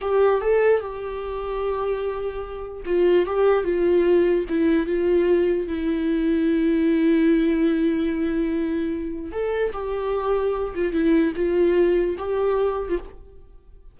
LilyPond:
\new Staff \with { instrumentName = "viola" } { \time 4/4 \tempo 4 = 148 g'4 a'4 g'2~ | g'2. f'4 | g'4 f'2 e'4 | f'2 e'2~ |
e'1~ | e'2. a'4 | g'2~ g'8 f'8 e'4 | f'2 g'4.~ g'16 f'16 | }